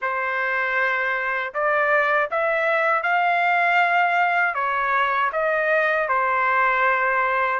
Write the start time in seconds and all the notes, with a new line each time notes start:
0.01 C5
1.54 D5
2.30 E5
3.02 F5
4.54 C#5
5.32 D#5
6.08 C5